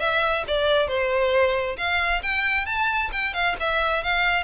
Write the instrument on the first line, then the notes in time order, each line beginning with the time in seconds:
violin
0.00 E5
0.48 D5
0.88 C5
1.78 F5
2.23 G5
2.66 A5
3.13 G5
3.34 F5
3.60 E5
4.04 F5